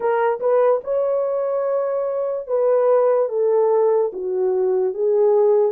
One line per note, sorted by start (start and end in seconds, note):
0.00 0.39 A#4
0.40 0.81 B4
0.84 2.47 C#5
2.47 3.28 B4
3.28 4.11 A4
4.12 4.94 F#4
4.94 5.72 G#4